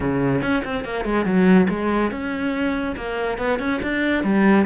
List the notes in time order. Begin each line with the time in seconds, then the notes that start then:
0.00 C#3
0.42 C#4
0.64 C4
0.84 A#3
1.04 G#3
1.25 F#3
1.69 G#3
2.11 C#4
2.96 A#3
3.38 B3
3.59 C#4
3.82 D4
4.23 G3